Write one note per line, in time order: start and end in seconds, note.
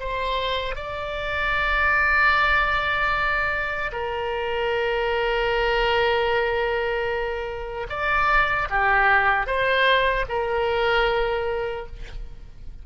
0.00 0.76 C5
0.76 3.92 D5
3.92 7.87 A#4
7.89 8.68 D5
8.70 9.47 G4
9.47 10.26 C5
10.28 11.86 A#4